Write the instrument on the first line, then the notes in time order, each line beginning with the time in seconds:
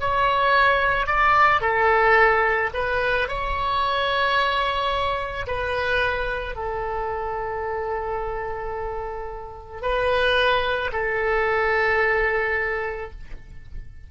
oboe
0.00 C#5
1.06 D5
1.61 A4
2.74 B4
3.28 C#5
5.47 B4
6.56 A4
9.81 B4
10.92 A4